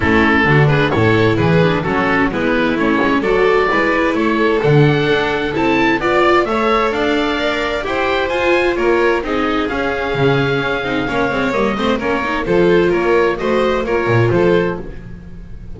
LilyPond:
<<
  \new Staff \with { instrumentName = "oboe" } { \time 4/4 \tempo 4 = 130 a'4. b'8 cis''4 b'4 | a'4 b'4 cis''4 d''4~ | d''4 cis''4 fis''2 | a''4 d''4 e''4 f''4~ |
f''4 g''4 gis''4 cis''4 | dis''4 f''2.~ | f''4 dis''4 cis''4 c''4 | cis''4 dis''4 cis''4 c''4 | }
  \new Staff \with { instrumentName = "violin" } { \time 4/4 e'4 fis'8 gis'8 a'4 gis'4 | fis'4 e'2 a'4 | b'4 a'2.~ | a'4 d''4 cis''4 d''4~ |
d''4 c''2 ais'4 | gis'1 | cis''4. c''8 ais'4 a'4 | ais'4 c''4 ais'4 a'4 | }
  \new Staff \with { instrumentName = "viola" } { \time 4/4 cis'4 d'4 e'4. d'8 | cis'4 b4 cis'4 fis'4 | e'2 d'2 | e'4 f'4 a'2 |
ais'4 g'4 f'2 | dis'4 cis'2~ cis'8 dis'8 | cis'8 c'8 ais8 c'8 cis'8 dis'8 f'4~ | f'4 fis'4 f'2 | }
  \new Staff \with { instrumentName = "double bass" } { \time 4/4 a4 d4 a,4 e4 | fis4 gis4 a8 gis8 fis4 | gis4 a4 d4 d'4 | c'4 b4 a4 d'4~ |
d'4 e'4 f'4 ais4 | c'4 cis'4 cis4 cis'8 c'8 | ais8 gis8 g8 a8 ais4 f4 | ais4 a4 ais8 ais,8 f4 | }
>>